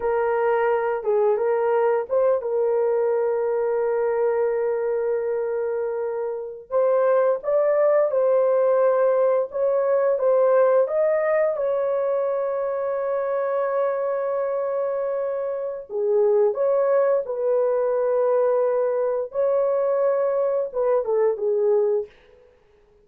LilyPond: \new Staff \with { instrumentName = "horn" } { \time 4/4 \tempo 4 = 87 ais'4. gis'8 ais'4 c''8 ais'8~ | ais'1~ | ais'4.~ ais'16 c''4 d''4 c''16~ | c''4.~ c''16 cis''4 c''4 dis''16~ |
dis''8. cis''2.~ cis''16~ | cis''2. gis'4 | cis''4 b'2. | cis''2 b'8 a'8 gis'4 | }